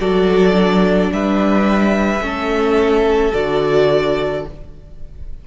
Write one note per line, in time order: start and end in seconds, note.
0.00 1.11 F#3
0.00 0.52 F#4
0.00 1.11 A4
0.00 1.11 D5
0.52 2.19 D4
1.13 2.21 G3
1.13 2.25 B4
1.13 3.34 E5
2.21 3.32 A3
2.21 3.32 C#4
2.21 4.47 A4
3.34 4.45 D3
3.34 4.45 F#4
3.34 4.45 D5